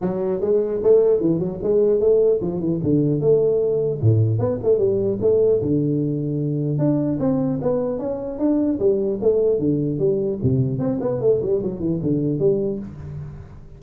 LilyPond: \new Staff \with { instrumentName = "tuba" } { \time 4/4 \tempo 4 = 150 fis4 gis4 a4 e8 fis8 | gis4 a4 f8 e8 d4 | a2 a,4 b8 a8 | g4 a4 d2~ |
d4 d'4 c'4 b4 | cis'4 d'4 g4 a4 | d4 g4 c4 c'8 b8 | a8 g8 fis8 e8 d4 g4 | }